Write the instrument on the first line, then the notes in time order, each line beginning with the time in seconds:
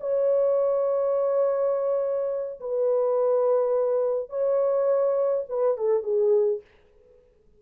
horn
0.00 C#5
2.60 B4
4.29 C#5
5.49 B4
5.77 A4
6.03 G#4